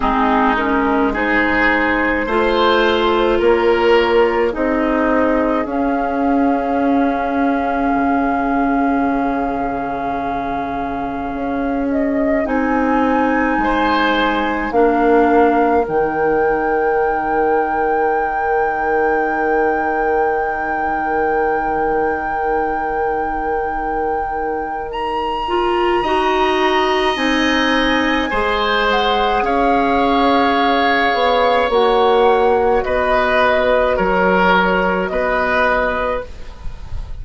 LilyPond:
<<
  \new Staff \with { instrumentName = "flute" } { \time 4/4 \tempo 4 = 53 gis'8 ais'8 c''2 cis''4 | dis''4 f''2.~ | f''2~ f''8 dis''8 gis''4~ | gis''4 f''4 g''2~ |
g''1~ | g''2 ais''2 | gis''4. fis''8 f''2 | fis''4 dis''4 cis''4 dis''4 | }
  \new Staff \with { instrumentName = "oboe" } { \time 4/4 dis'4 gis'4 c''4 ais'4 | gis'1~ | gis'1 | c''4 ais'2.~ |
ais'1~ | ais'2. dis''4~ | dis''4 c''4 cis''2~ | cis''4 b'4 ais'4 b'4 | }
  \new Staff \with { instrumentName = "clarinet" } { \time 4/4 c'8 cis'8 dis'4 f'2 | dis'4 cis'2.~ | cis'2. dis'4~ | dis'4 d'4 dis'2~ |
dis'1~ | dis'2~ dis'8 f'8 fis'4 | dis'4 gis'2. | fis'1 | }
  \new Staff \with { instrumentName = "bassoon" } { \time 4/4 gis2 a4 ais4 | c'4 cis'2 cis4~ | cis2 cis'4 c'4 | gis4 ais4 dis2~ |
dis1~ | dis2. dis'4 | c'4 gis4 cis'4. b8 | ais4 b4 fis4 b4 | }
>>